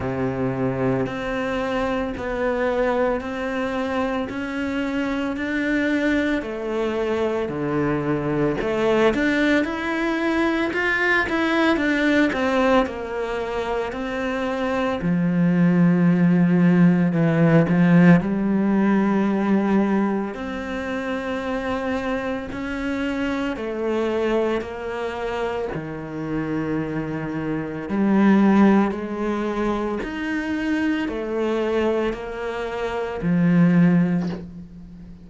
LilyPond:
\new Staff \with { instrumentName = "cello" } { \time 4/4 \tempo 4 = 56 c4 c'4 b4 c'4 | cis'4 d'4 a4 d4 | a8 d'8 e'4 f'8 e'8 d'8 c'8 | ais4 c'4 f2 |
e8 f8 g2 c'4~ | c'4 cis'4 a4 ais4 | dis2 g4 gis4 | dis'4 a4 ais4 f4 | }